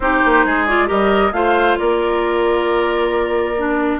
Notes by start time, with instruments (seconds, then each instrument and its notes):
0.00 bassoon C4, clarinet D#4, oboe G4, flute C5
0.25 bassoon A#3
0.45 bassoon G#3, oboe G#4
0.66 clarinet F4, flute D5
0.87 bassoon G3, clarinet G4, oboe A#4, flute D#5
1.31 bassoon A3, clarinet F4, oboe C5, flute F5
1.78 bassoon A#3, oboe A#4, flute D5
3.57 clarinet D4